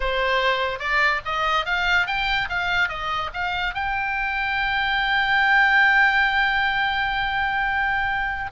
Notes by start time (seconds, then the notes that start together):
0.00 C5
0.79 D5
1.25 D#5
1.65 F5
2.07 G5
2.49 F5
2.89 D#5
3.33 F5
3.74 G5